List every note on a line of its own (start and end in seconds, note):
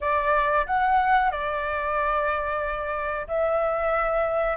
0.00 0.66 D5
0.66 1.31 F#5
1.31 3.27 D5
3.27 4.57 E5